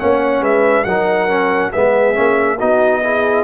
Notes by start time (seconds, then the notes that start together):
0.00 A#3 C#4 C#5 F#5
0.41 G#3 B4 E5
0.84 F#3 D#4 A#4 F#5
1.29 C#4
1.72 G#3 B3 G#4 E5
2.14 A#3 C#4
2.57 B3 D#4 F#4 D#5
3.03 E4 G#4